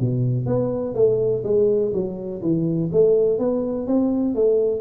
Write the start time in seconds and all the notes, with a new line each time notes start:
0.00 B2
0.46 B3
0.95 A3
1.44 G#3
1.93 F#3
2.42 E3
2.92 A3
3.39 B3
3.87 C4
4.35 A3